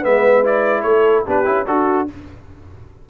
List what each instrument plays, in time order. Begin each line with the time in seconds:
0.00 tuba G#3, trombone B3, horn B4, trumpet E5
0.44 trombone E4, trumpet D5
0.83 tuba A3, horn A4, trumpet C#5
1.27 tuba B3, trombone D4, horn G4, trumpet B4
1.46 tuba C#4, trombone E4
1.67 tuba D4, trombone F#4, horn F#4, trumpet A4